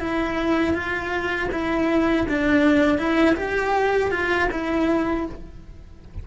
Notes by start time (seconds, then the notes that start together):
0.00 E4
0.74 F4
1.52 E4
2.29 D4
2.98 E4
3.36 G4
4.11 F4
4.52 E4